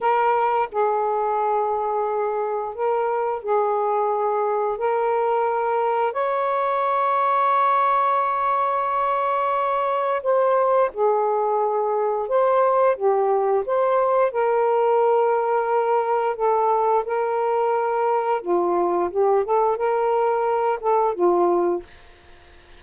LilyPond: \new Staff \with { instrumentName = "saxophone" } { \time 4/4 \tempo 4 = 88 ais'4 gis'2. | ais'4 gis'2 ais'4~ | ais'4 cis''2.~ | cis''2. c''4 |
gis'2 c''4 g'4 | c''4 ais'2. | a'4 ais'2 f'4 | g'8 a'8 ais'4. a'8 f'4 | }